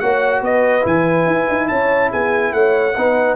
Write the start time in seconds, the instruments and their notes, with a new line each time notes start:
0.00 tuba A#3, trombone F#4, horn C#5, trumpet F#5
0.41 tuba B3, horn B4, trumpet D#5
0.82 tuba E3, trombone E4, trumpet G#5
1.26 tuba E4
1.49 tuba D#4
1.68 tuba C#4, horn C#5, trumpet A5
2.11 tuba B3, horn G#4, trumpet G#5
2.53 tuba A3, horn C#5, trumpet F#5
2.95 tuba B3, trombone D#4, horn B4